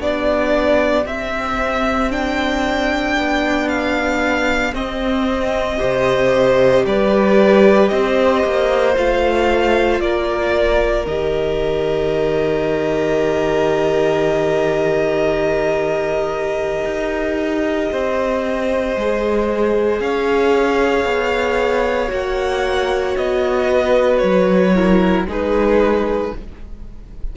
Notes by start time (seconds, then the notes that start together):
0.00 B3 D4 G4 D5
1.06 C4 E5
2.11 D4 G5
3.18 B3
3.69 F5
4.74 C4 D#5
5.78 C3 G4 C5
6.85 G3 B4 D5
7.88 C4 C5 D#5
8.44 A#3
8.95 A3 F4 F5
10.00 A#3 A#4 D5
11.07 D#3 G4 D#5
16.85 D#4
17.92 C4 C5
18.96 G#3 G#4
20.00 C#4 C#5 F5
21.05 B3
22.08 A#3 F#4 F#5
23.17 B3 D#5
23.70 B4
24.18 F#3 C#5
24.75 E4 A#4
25.27 G#3 D#4 G#4 B4